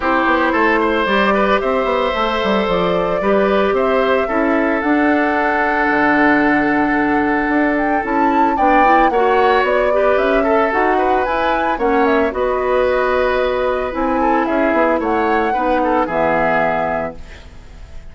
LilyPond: <<
  \new Staff \with { instrumentName = "flute" } { \time 4/4 \tempo 4 = 112 c''2 d''4 e''4~ | e''4 d''2 e''4~ | e''4 fis''2.~ | fis''2~ fis''8 g''8 a''4 |
g''4 fis''4 d''4 e''4 | fis''4 gis''4 fis''8 e''8 dis''4~ | dis''2 gis''4 e''4 | fis''2 e''2 | }
  \new Staff \with { instrumentName = "oboe" } { \time 4/4 g'4 a'8 c''4 b'8 c''4~ | c''2 b'4 c''4 | a'1~ | a'1 |
d''4 cis''4. b'4 a'8~ | a'8 b'4. cis''4 b'4~ | b'2~ b'8 a'8 gis'4 | cis''4 b'8 a'8 gis'2 | }
  \new Staff \with { instrumentName = "clarinet" } { \time 4/4 e'2 g'2 | a'2 g'2 | e'4 d'2.~ | d'2. e'4 |
d'8 e'8 fis'4. g'4 a'8 | fis'4 e'4 cis'4 fis'4~ | fis'2 e'2~ | e'4 dis'4 b2 | }
  \new Staff \with { instrumentName = "bassoon" } { \time 4/4 c'8 b8 a4 g4 c'8 b8 | a8 g8 f4 g4 c'4 | cis'4 d'2 d4~ | d2 d'4 cis'4 |
b4 ais4 b4 cis'4 | dis'4 e'4 ais4 b4~ | b2 c'4 cis'8 b8 | a4 b4 e2 | }
>>